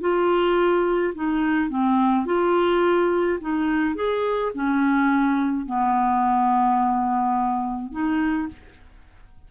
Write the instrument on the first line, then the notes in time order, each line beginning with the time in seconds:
clarinet
0.00 F4
1.14 D#4
1.69 C4
2.25 F4
3.40 D#4
3.95 G#4
4.54 C#4
5.66 B3
7.91 D#4